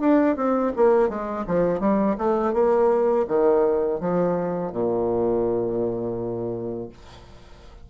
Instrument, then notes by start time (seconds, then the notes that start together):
bassoon
0.00 D4
0.36 C4
0.76 A#3
1.09 G#3
1.47 F3
1.80 G3
2.18 A3
2.54 A#3
3.28 D#3
4.01 F3
4.73 A#2